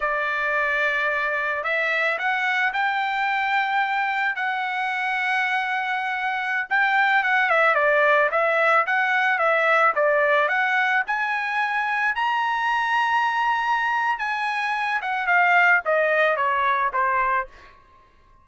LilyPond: \new Staff \with { instrumentName = "trumpet" } { \time 4/4 \tempo 4 = 110 d''2. e''4 | fis''4 g''2. | fis''1~ | fis''16 g''4 fis''8 e''8 d''4 e''8.~ |
e''16 fis''4 e''4 d''4 fis''8.~ | fis''16 gis''2 ais''4.~ ais''16~ | ais''2 gis''4. fis''8 | f''4 dis''4 cis''4 c''4 | }